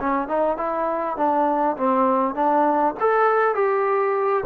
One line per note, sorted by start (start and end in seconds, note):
0.00 0.28 C#4
0.28 0.57 D#4
0.57 1.17 E4
1.17 1.76 D4
1.77 2.35 C4
2.35 2.94 D4
3.00 3.55 A4
3.55 4.44 G4